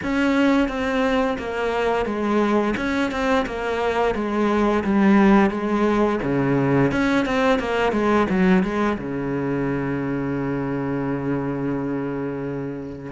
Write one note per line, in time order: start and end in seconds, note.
0.03 0.68 C#4
0.68 1.37 C4
1.38 2.05 A#3
2.05 2.74 G#3
2.76 3.11 C#4
3.11 3.45 C4
3.45 4.14 A#3
4.14 4.83 G#3
4.84 5.50 G3
5.50 6.19 G#3
6.22 6.91 C#3
6.91 7.25 C#4
7.25 7.59 C4
7.59 7.92 A#3
7.92 8.26 G#3
8.29 8.63 F#3
8.63 8.97 G#3
8.98 13.12 C#3